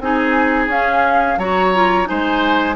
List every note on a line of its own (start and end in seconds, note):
0.00 0.68 C4
0.00 0.70 D#4
0.00 1.39 G#4
0.00 0.70 G#5
0.68 1.37 C#4
0.68 1.39 C#4
0.68 1.39 F5
1.38 2.07 F#3
1.38 1.75 F#4
1.38 2.08 C#5
1.38 2.07 A#5
1.75 2.06 F4
2.06 2.76 G#3
2.06 2.75 D#4
2.06 2.76 C5
2.06 2.76 G#5